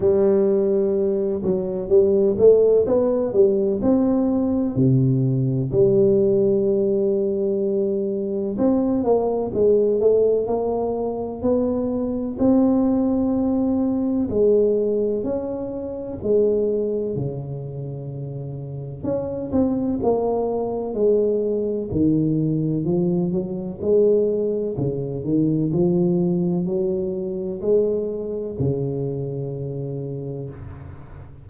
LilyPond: \new Staff \with { instrumentName = "tuba" } { \time 4/4 \tempo 4 = 63 g4. fis8 g8 a8 b8 g8 | c'4 c4 g2~ | g4 c'8 ais8 gis8 a8 ais4 | b4 c'2 gis4 |
cis'4 gis4 cis2 | cis'8 c'8 ais4 gis4 dis4 | f8 fis8 gis4 cis8 dis8 f4 | fis4 gis4 cis2 | }